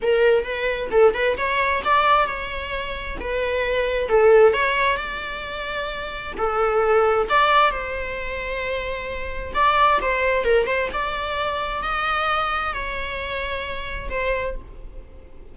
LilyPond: \new Staff \with { instrumentName = "viola" } { \time 4/4 \tempo 4 = 132 ais'4 b'4 a'8 b'8 cis''4 | d''4 cis''2 b'4~ | b'4 a'4 cis''4 d''4~ | d''2 a'2 |
d''4 c''2.~ | c''4 d''4 c''4 ais'8 c''8 | d''2 dis''2 | cis''2. c''4 | }